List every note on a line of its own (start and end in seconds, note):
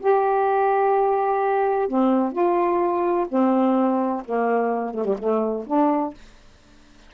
0.00 1.88 G4
1.88 2.32 C4
2.32 3.26 F4
3.28 4.23 C4
4.25 4.94 A#3
4.94 5.05 A3
5.05 5.16 G3
5.18 5.66 A3
5.66 6.14 D4